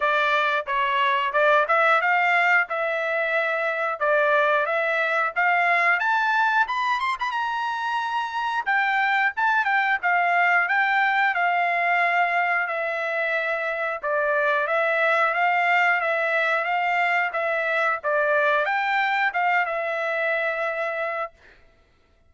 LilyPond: \new Staff \with { instrumentName = "trumpet" } { \time 4/4 \tempo 4 = 90 d''4 cis''4 d''8 e''8 f''4 | e''2 d''4 e''4 | f''4 a''4 b''8 c'''16 b''16 ais''4~ | ais''4 g''4 a''8 g''8 f''4 |
g''4 f''2 e''4~ | e''4 d''4 e''4 f''4 | e''4 f''4 e''4 d''4 | g''4 f''8 e''2~ e''8 | }